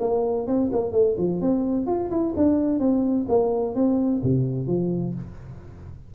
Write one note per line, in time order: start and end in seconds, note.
0.00 0.47 A#3
0.47 0.70 C4
0.72 0.92 A#3
0.92 1.15 A3
1.18 1.41 F3
1.41 1.87 C4
1.87 2.10 F4
2.11 2.34 E4
2.37 2.79 D4
2.79 3.26 C4
3.29 3.75 A#3
3.75 4.22 C4
4.23 4.67 C3
4.67 5.14 F3